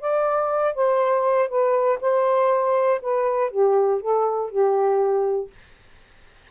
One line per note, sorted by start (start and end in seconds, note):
0.00 0.74 D5
0.74 1.48 C5
1.48 1.98 B4
2.00 3.00 C5
3.01 3.50 B4
3.50 4.00 G4
4.00 4.50 A4
4.50 5.50 G4